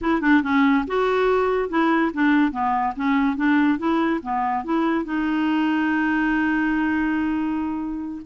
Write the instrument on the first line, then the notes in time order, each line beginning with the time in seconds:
clarinet
0.01 E4
0.21 D4
0.42 C#4
0.87 F#4
1.69 E4
2.13 D4
2.51 B3
2.96 C#4
3.36 D4
3.78 E4
4.22 B3
4.64 E4
5.05 D#4